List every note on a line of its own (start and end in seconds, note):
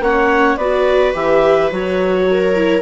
0.00 0.56 A#3
0.00 0.58 C#4
0.00 0.57 C#5
0.00 0.57 F#5
0.57 1.13 B3
0.57 1.14 F#4
0.57 2.25 B4
0.57 1.13 D5
1.14 1.71 E3
1.14 1.70 G4
1.14 1.71 E5
1.71 2.82 F#3
1.71 2.55 F#4
1.71 2.82 C#5
2.31 2.82 A#4
2.55 2.82 E4